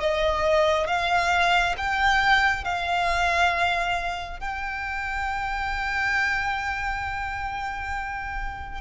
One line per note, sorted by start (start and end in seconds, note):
0.00 0.87 D#5
0.87 1.76 F5
1.78 2.64 G5
2.64 4.40 F5
4.40 8.81 G5